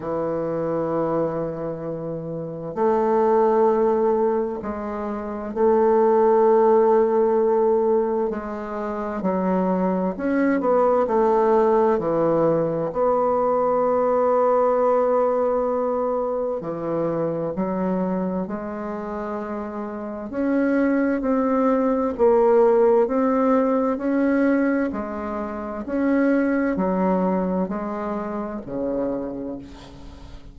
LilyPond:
\new Staff \with { instrumentName = "bassoon" } { \time 4/4 \tempo 4 = 65 e2. a4~ | a4 gis4 a2~ | a4 gis4 fis4 cis'8 b8 | a4 e4 b2~ |
b2 e4 fis4 | gis2 cis'4 c'4 | ais4 c'4 cis'4 gis4 | cis'4 fis4 gis4 cis4 | }